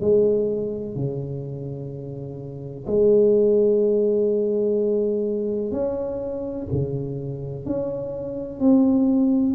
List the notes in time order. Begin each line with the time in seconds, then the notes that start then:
0.00 G#3
0.95 C#3
2.87 G#3
5.71 C#4
6.71 C#3
7.65 C#4
8.59 C4